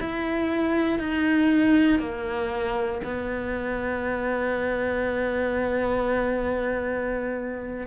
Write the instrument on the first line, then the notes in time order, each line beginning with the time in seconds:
cello
0.00 E4
0.99 D#4
1.99 A#3
3.04 B3